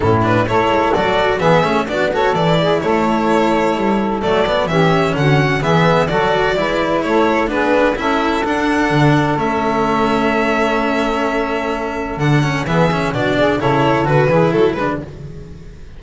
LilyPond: <<
  \new Staff \with { instrumentName = "violin" } { \time 4/4 \tempo 4 = 128 a'8 b'8 cis''4 d''4 e''4 | d''8 cis''8 d''4 cis''2~ | cis''4 d''4 e''4 fis''4 | e''4 d''2 cis''4 |
b'4 e''4 fis''2 | e''1~ | e''2 fis''4 e''4 | d''4 cis''4 b'4 a'8 b'8 | }
  \new Staff \with { instrumentName = "saxophone" } { \time 4/4 e'4 a'2 gis'4 | fis'8 a'4 gis'8 a'2~ | a'2 g'4 fis'4 | gis'4 a'4 b'4 a'4 |
gis'4 a'2.~ | a'1~ | a'2. gis'4 | fis'8 gis'8 a'4. gis'8 fis'8 b'8 | }
  \new Staff \with { instrumentName = "cello" } { \time 4/4 cis'8 d'8 e'4 fis'4 b8 cis'8 | d'8 fis'8 e'2.~ | e'4 a8 b8 cis'2 | b4 fis'4 e'2 |
d'4 e'4 d'2 | cis'1~ | cis'2 d'8 cis'8 b8 cis'8 | d'4 e'4 fis'8 e'4 d'8 | }
  \new Staff \with { instrumentName = "double bass" } { \time 4/4 a,4 a8 gis8 fis4 e8 a8 | b4 e4 a2 | g4 fis4 e4 d4 | e4 fis4 gis4 a4 |
b4 cis'4 d'4 d4 | a1~ | a2 d4 e4 | b,4 cis4 d8 e8 fis8 gis8 | }
>>